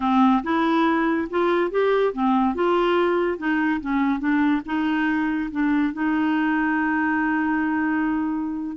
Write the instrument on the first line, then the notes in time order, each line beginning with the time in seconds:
clarinet
0.00 C4
0.43 E4
1.30 F4
1.71 G4
2.13 C4
2.54 F4
3.38 D#4
3.80 C#4
4.19 D4
4.65 D#4
5.51 D4
5.93 D#4